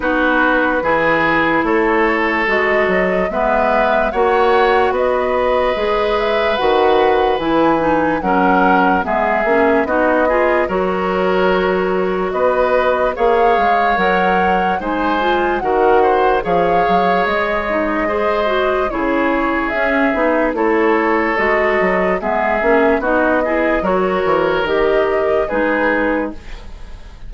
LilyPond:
<<
  \new Staff \with { instrumentName = "flute" } { \time 4/4 \tempo 4 = 73 b'2 cis''4 dis''4 | e''4 fis''4 dis''4. e''8 | fis''4 gis''4 fis''4 e''4 | dis''4 cis''2 dis''4 |
f''4 fis''4 gis''4 fis''4 | f''4 dis''2 cis''4 | e''4 cis''4 dis''4 e''4 | dis''4 cis''4 dis''4 b'4 | }
  \new Staff \with { instrumentName = "oboe" } { \time 4/4 fis'4 gis'4 a'2 | b'4 cis''4 b'2~ | b'2 ais'4 gis'4 | fis'8 gis'8 ais'2 b'4 |
cis''2 c''4 ais'8 c''8 | cis''2 c''4 gis'4~ | gis'4 a'2 gis'4 | fis'8 gis'8 ais'2 gis'4 | }
  \new Staff \with { instrumentName = "clarinet" } { \time 4/4 dis'4 e'2 fis'4 | b4 fis'2 gis'4 | fis'4 e'8 dis'8 cis'4 b8 cis'8 | dis'8 f'8 fis'2. |
gis'4 ais'4 dis'8 f'8 fis'4 | gis'4. dis'8 gis'8 fis'8 e'4 | cis'8 dis'8 e'4 fis'4 b8 cis'8 | dis'8 e'8 fis'4 g'4 dis'4 | }
  \new Staff \with { instrumentName = "bassoon" } { \time 4/4 b4 e4 a4 gis8 fis8 | gis4 ais4 b4 gis4 | dis4 e4 fis4 gis8 ais8 | b4 fis2 b4 |
ais8 gis8 fis4 gis4 dis4 | f8 fis8 gis2 cis4 | cis'8 b8 a4 gis8 fis8 gis8 ais8 | b4 fis8 e8 dis4 gis4 | }
>>